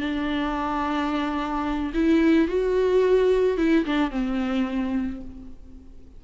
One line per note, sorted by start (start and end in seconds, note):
0.00 1.93 D4
1.94 2.48 E4
2.48 3.58 F#4
3.58 3.85 E4
3.86 4.11 D4
4.11 5.21 C4